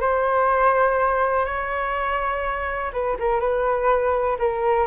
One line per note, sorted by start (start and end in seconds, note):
0.00 1.45 C5
1.45 2.92 C#5
2.92 3.17 B4
3.19 3.40 A#4
3.40 4.37 B4
4.39 4.87 A#4